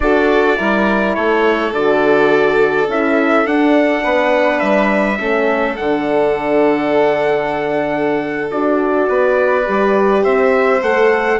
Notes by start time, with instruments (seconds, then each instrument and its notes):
0.00 bassoon D4, horn F#4, violin A4, trumpet D5
0.56 bassoon G3, horn E4, violin A#4
1.14 bassoon A3, violin A4, trumpet C#5
1.72 bassoon D3, horn F#4, trumpet D5
2.87 bassoon C#4, horn E4, trumpet E5
3.45 bassoon D4, horn D4, trumpet F#5
4.03 bassoon B3, violin B4
4.59 bassoon G3, trumpet E5
5.18 bassoon A3, horn C#4, violin A4
5.76 bassoon D3, horn D4, trumpet F#5
8.50 bassoon D4, horn F#4, trumpet D5
9.08 bassoon B3, violin B4
9.65 bassoon G3, horn G4
10.23 bassoon C4, violin C5, trumpet E5
10.82 bassoon A3, horn A4, trumpet F#5